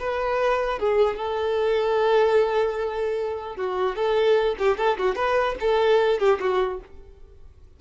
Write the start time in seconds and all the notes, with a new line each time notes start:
0.00 B4
0.79 G#4
1.17 A4
3.57 F#4
3.96 A4
4.59 G4
4.78 A4
4.98 F#4
5.16 B4
5.61 A4
6.20 G4
6.41 F#4